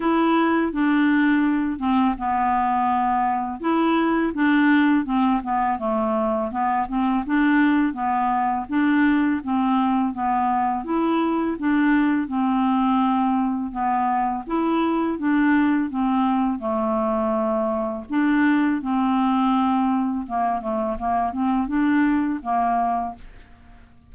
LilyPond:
\new Staff \with { instrumentName = "clarinet" } { \time 4/4 \tempo 4 = 83 e'4 d'4. c'8 b4~ | b4 e'4 d'4 c'8 b8 | a4 b8 c'8 d'4 b4 | d'4 c'4 b4 e'4 |
d'4 c'2 b4 | e'4 d'4 c'4 a4~ | a4 d'4 c'2 | ais8 a8 ais8 c'8 d'4 ais4 | }